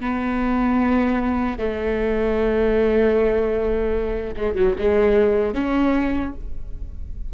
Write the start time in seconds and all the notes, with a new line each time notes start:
0.00 B3
1.58 A3
4.36 G#3
4.55 F#3
4.78 G#3
5.54 C#4